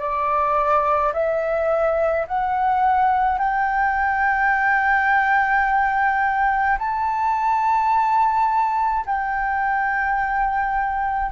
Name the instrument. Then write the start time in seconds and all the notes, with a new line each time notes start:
flute
0.00 D5
1.14 E5
2.27 F#5
3.39 G5
6.79 A5
9.06 G5